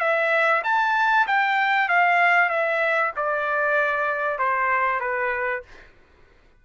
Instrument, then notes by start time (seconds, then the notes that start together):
trumpet
0.00 E5
0.64 A5
1.27 G5
1.89 F5
2.50 E5
3.16 D5
4.39 C5
5.01 B4